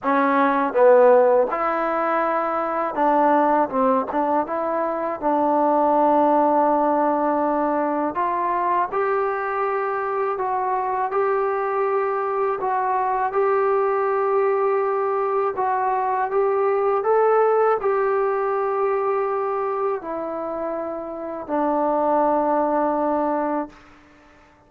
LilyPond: \new Staff \with { instrumentName = "trombone" } { \time 4/4 \tempo 4 = 81 cis'4 b4 e'2 | d'4 c'8 d'8 e'4 d'4~ | d'2. f'4 | g'2 fis'4 g'4~ |
g'4 fis'4 g'2~ | g'4 fis'4 g'4 a'4 | g'2. e'4~ | e'4 d'2. | }